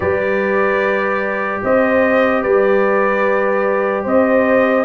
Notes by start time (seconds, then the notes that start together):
0.00 G3 G4 B4 D5
1.63 C4 C5 D#5
2.42 G3 B4 D5
4.03 C4 C5 D#5